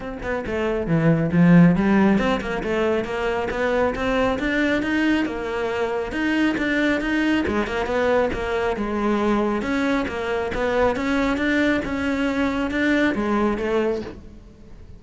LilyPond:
\new Staff \with { instrumentName = "cello" } { \time 4/4 \tempo 4 = 137 c'8 b8 a4 e4 f4 | g4 c'8 ais8 a4 ais4 | b4 c'4 d'4 dis'4 | ais2 dis'4 d'4 |
dis'4 gis8 ais8 b4 ais4 | gis2 cis'4 ais4 | b4 cis'4 d'4 cis'4~ | cis'4 d'4 gis4 a4 | }